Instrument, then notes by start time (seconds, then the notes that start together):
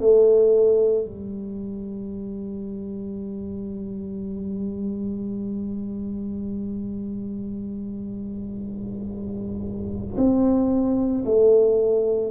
tuba
0.00 A3
1.05 G3
10.17 C4
11.25 A3